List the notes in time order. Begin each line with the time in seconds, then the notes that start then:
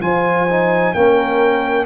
0.00 F3 F4 C5 G#5
0.49 D#4
0.93 A#3 C#4 A#4 G5